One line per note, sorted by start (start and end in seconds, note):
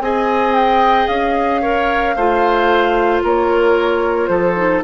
0.00 1.07 C4
0.00 1.62 G#4
0.00 1.61 D#5
0.00 0.55 G#5
0.55 1.07 G5
1.07 2.15 C#4
1.07 3.22 F5
1.61 2.15 A#4
1.61 2.15 C#5
2.16 3.23 A3
2.16 4.56 F4
2.16 3.23 C5
3.23 4.29 A#3
3.23 4.30 A#4
3.23 4.27 C#5
4.27 4.82 F3
4.27 4.83 A4
4.27 4.81 C5
4.56 4.83 D#4